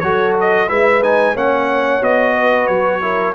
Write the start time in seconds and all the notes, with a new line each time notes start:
0.00 F#3 F#4 A4 C#5
0.40 D#5
0.68 G#3 E4 B4 E5
1.02 D#4 G#5
1.34 A#3 C#4 C#5 F#5
2.01 B3 F#4 D#5
2.35 B4
2.67 F#3 C#5
3.01 E4 A#4